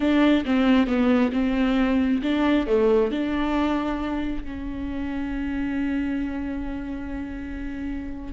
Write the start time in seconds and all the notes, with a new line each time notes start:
0.00 D4
0.45 C4
0.86 B3
1.32 C4
2.22 D4
2.66 A3
3.11 D4
4.44 C#4